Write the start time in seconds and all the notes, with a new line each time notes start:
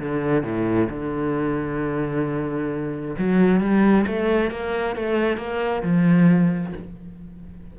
0.00 D3
0.44 A2
0.90 D3
3.19 F#3
3.61 G3
4.07 A3
4.51 A#3
4.96 A3
5.37 A#3
5.83 F3